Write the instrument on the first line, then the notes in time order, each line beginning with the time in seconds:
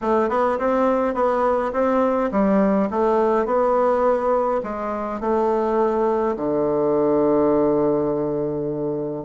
bassoon
0.01 A3
0.29 B3
0.58 C4
1.14 B3
1.72 C4
2.31 G3
2.90 A3
3.45 B3
4.63 G#3
5.20 A3
6.36 D3